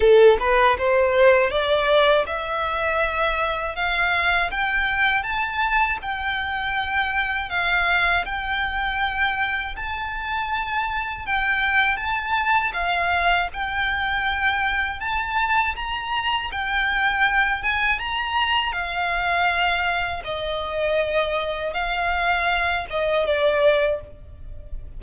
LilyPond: \new Staff \with { instrumentName = "violin" } { \time 4/4 \tempo 4 = 80 a'8 b'8 c''4 d''4 e''4~ | e''4 f''4 g''4 a''4 | g''2 f''4 g''4~ | g''4 a''2 g''4 |
a''4 f''4 g''2 | a''4 ais''4 g''4. gis''8 | ais''4 f''2 dis''4~ | dis''4 f''4. dis''8 d''4 | }